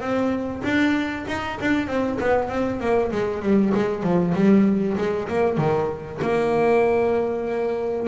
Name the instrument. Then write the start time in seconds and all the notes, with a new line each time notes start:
double bass
0.00 C4
0.63 D4
1.27 D#4
1.61 D4
1.87 C4
2.20 B3
2.49 C4
2.80 A#3
3.11 G#3
3.42 G3
3.74 G#3
4.03 F3
4.34 G3
4.97 G#3
5.28 A#3
5.57 D#3
6.21 A#3